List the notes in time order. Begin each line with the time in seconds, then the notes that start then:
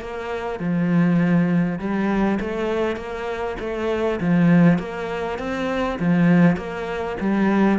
0.00 A#3
0.59 F3
1.79 G3
2.41 A3
2.96 A#3
3.60 A3
4.20 F3
4.79 A#3
5.39 C4
5.99 F3
6.57 A#3
7.20 G3